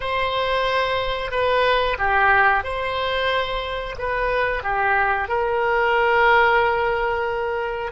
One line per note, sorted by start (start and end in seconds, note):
0.00 1.31 C5
1.31 1.97 B4
1.98 2.63 G4
2.63 3.95 C5
3.98 4.63 B4
4.63 5.28 G4
5.28 7.92 A#4